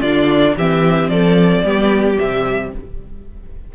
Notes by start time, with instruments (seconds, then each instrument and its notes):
0.00 cello D3, viola D4, violin F4 D5
0.56 cello E3, viola C4, violin G4 E5
1.08 cello F3, violin A4 D5
1.63 cello G3, viola B3, violin G4
2.17 cello C3, viola G3, violin E5